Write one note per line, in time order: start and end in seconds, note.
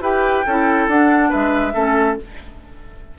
0.00 0.43 E4
0.00 0.45 G4
0.00 0.45 B4
0.00 0.88 G5
0.46 0.87 C#4
0.46 0.91 E4
0.46 1.29 A4
0.87 1.31 D4
0.87 1.73 D4
0.87 1.31 F#5
1.29 1.75 G#3
1.29 1.72 B4
1.29 2.18 E5
1.73 2.18 A3
1.73 2.16 C#4
1.73 2.17 A4